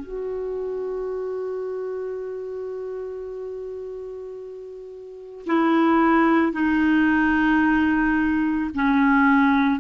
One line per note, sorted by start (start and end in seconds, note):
0.00 5.45 F#4
5.47 6.53 E4
6.53 8.71 D#4
8.75 9.80 C#4